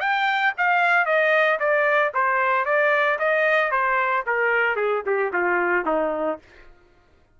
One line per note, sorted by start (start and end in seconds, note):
0.00 0.53 G5
0.57 1.06 F5
1.06 1.59 D#5
1.59 2.12 D5
2.14 2.65 C5
2.65 3.18 D5
3.19 3.71 D#5
3.71 4.24 C5
4.26 4.76 A#4
4.76 5.02 G#4
5.06 5.32 G4
5.33 5.86 F4
5.86 6.39 D#4